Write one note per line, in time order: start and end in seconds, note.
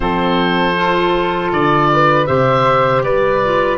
0.00 1.51 F3
0.00 0.75 C4
0.00 1.91 A4
0.00 1.51 C5
0.75 2.26 F4
1.52 2.28 D3
1.52 2.26 D5
1.93 2.27 B4
2.26 3.03 C3
2.26 3.40 G4
2.26 3.03 C5
2.26 3.02 E5
3.03 3.78 G3
3.03 3.78 B4
3.03 3.78 D5
3.44 3.78 F4